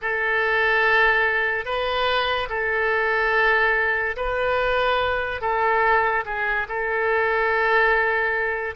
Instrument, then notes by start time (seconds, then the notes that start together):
oboe
0.01 A4
1.65 B4
2.49 A4
4.16 B4
5.41 A4
6.25 G#4
6.68 A4